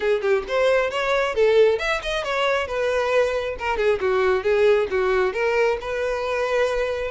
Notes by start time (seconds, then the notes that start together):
0.00 G#4
0.21 G4
0.47 C5
0.90 C#5
1.34 A4
1.78 E5
2.02 D#5
2.24 C#5
2.67 B4
3.59 A#4
3.77 G#4
4.00 F#4
4.43 G#4
4.90 F#4
5.33 A#4
5.80 B4